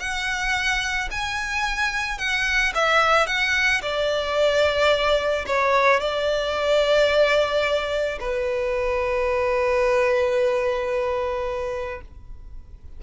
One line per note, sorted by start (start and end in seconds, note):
0.00 1.09 F#5
1.11 2.18 G#5
2.18 2.73 F#5
2.75 3.27 E5
3.27 3.82 F#5
3.82 5.45 D5
5.46 6.00 C#5
6.00 8.19 D5
8.20 12.01 B4